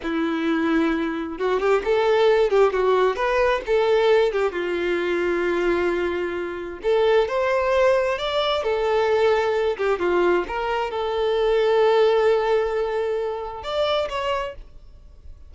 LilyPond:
\new Staff \with { instrumentName = "violin" } { \time 4/4 \tempo 4 = 132 e'2. fis'8 g'8 | a'4. g'8 fis'4 b'4 | a'4. g'8 f'2~ | f'2. a'4 |
c''2 d''4 a'4~ | a'4. g'8 f'4 ais'4 | a'1~ | a'2 d''4 cis''4 | }